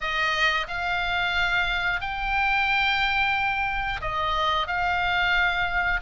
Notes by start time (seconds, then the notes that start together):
0.00 D#5
0.67 F5
2.00 G5
4.01 D#5
4.67 F5